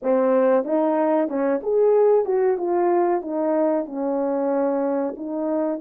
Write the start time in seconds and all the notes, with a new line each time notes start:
0.02 C4
0.64 D#4
1.28 C#4
1.62 G#4
2.25 F#4
2.57 F4
3.21 D#4
3.85 C#4
5.16 D#4